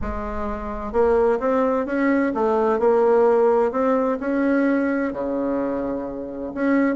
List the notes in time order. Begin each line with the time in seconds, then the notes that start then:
0.01 G#3
0.92 A#3
1.39 C4
1.86 C#4
2.34 A3
2.79 A#3
3.71 C4
4.19 C#4
5.12 C#3
6.54 C#4